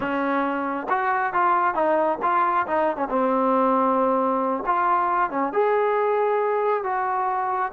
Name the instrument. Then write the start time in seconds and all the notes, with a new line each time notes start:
trombone
0.00 C#4
0.89 F#4
1.33 F4
1.74 D#4
2.22 F4
2.66 D#4
2.97 C#4
3.09 C4
4.66 F4
5.30 C#4
5.52 G#4
6.83 F#4